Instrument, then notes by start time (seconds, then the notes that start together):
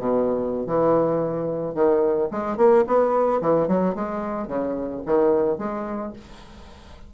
bassoon
0.00 B2
0.67 E3
1.75 D#3
2.32 G#3
2.58 A#3
2.88 B3
3.41 E3
3.68 F#3
3.96 G#3
4.49 C#3
5.06 D#3
5.59 G#3